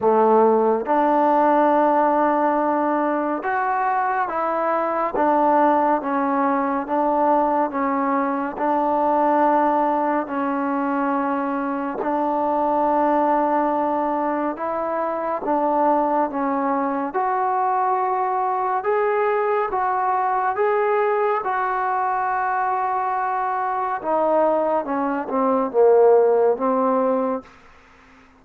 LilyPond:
\new Staff \with { instrumentName = "trombone" } { \time 4/4 \tempo 4 = 70 a4 d'2. | fis'4 e'4 d'4 cis'4 | d'4 cis'4 d'2 | cis'2 d'2~ |
d'4 e'4 d'4 cis'4 | fis'2 gis'4 fis'4 | gis'4 fis'2. | dis'4 cis'8 c'8 ais4 c'4 | }